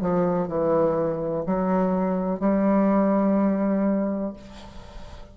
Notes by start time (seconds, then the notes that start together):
0.00 F3
0.48 E3
1.46 F#3
2.39 G3